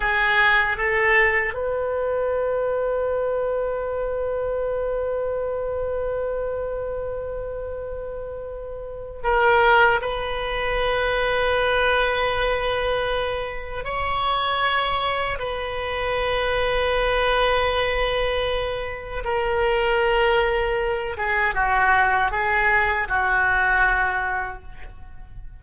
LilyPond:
\new Staff \with { instrumentName = "oboe" } { \time 4/4 \tempo 4 = 78 gis'4 a'4 b'2~ | b'1~ | b'1 | ais'4 b'2.~ |
b'2 cis''2 | b'1~ | b'4 ais'2~ ais'8 gis'8 | fis'4 gis'4 fis'2 | }